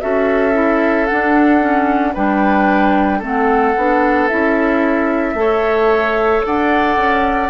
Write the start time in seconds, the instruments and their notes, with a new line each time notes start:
0.00 bassoon C#4, clarinet F#4, oboe A4, flute E5
0.53 clarinet E4
1.06 clarinet D4, bassoon D4, flute F#5
1.60 clarinet C#4
2.13 bassoon G3, clarinet D4, oboe B4, flute G5
3.18 bassoon A3, clarinet C4, oboe A4
3.26 flute F#5
3.76 bassoon B3, clarinet D4
4.28 bassoon C#4, clarinet E4, flute E5
5.34 bassoon A3, clarinet A4
5.40 oboe C#5
6.45 bassoon D4, oboe D5, flute F#5
6.97 bassoon C#4